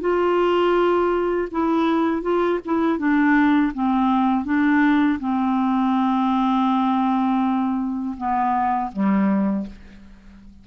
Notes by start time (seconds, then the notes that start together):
0.00 F4
1.51 E4
2.22 F4
2.65 E4
2.98 D4
3.74 C4
4.45 D4
5.20 C4
8.17 B3
8.92 G3